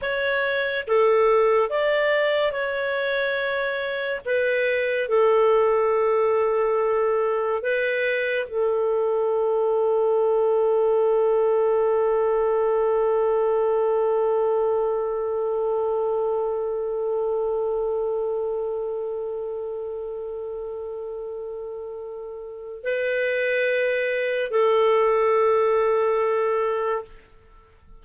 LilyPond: \new Staff \with { instrumentName = "clarinet" } { \time 4/4 \tempo 4 = 71 cis''4 a'4 d''4 cis''4~ | cis''4 b'4 a'2~ | a'4 b'4 a'2~ | a'1~ |
a'1~ | a'1~ | a'2. b'4~ | b'4 a'2. | }